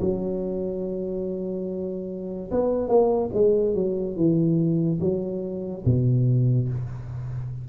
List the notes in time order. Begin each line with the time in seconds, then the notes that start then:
0.00 F#3
2.51 B3
2.88 A#3
3.33 G#3
3.75 F#3
4.16 E3
5.00 F#3
5.85 B2